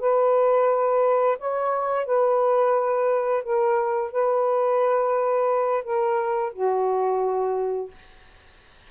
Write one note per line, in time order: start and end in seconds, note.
0.00 1.38 B4
1.39 2.06 C#5
2.06 3.44 B4
3.44 4.12 A#4
4.12 5.84 B4
5.84 6.53 A#4
6.53 7.91 F#4